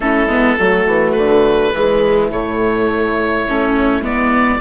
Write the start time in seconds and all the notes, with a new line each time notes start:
0.00 A3 C#4 E4 A4
0.26 G#3 B3
0.58 F#3 A3 F#4
0.86 E3
1.11 D3 B4
1.73 E3 G#3 E4
2.30 A2 A3 C#5
3.48 A3 C#4
4.01 G#3 B3 D5